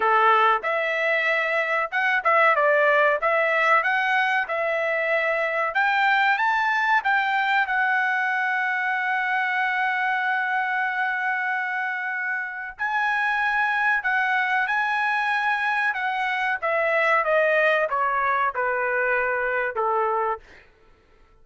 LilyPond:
\new Staff \with { instrumentName = "trumpet" } { \time 4/4 \tempo 4 = 94 a'4 e''2 fis''8 e''8 | d''4 e''4 fis''4 e''4~ | e''4 g''4 a''4 g''4 | fis''1~ |
fis''1 | gis''2 fis''4 gis''4~ | gis''4 fis''4 e''4 dis''4 | cis''4 b'2 a'4 | }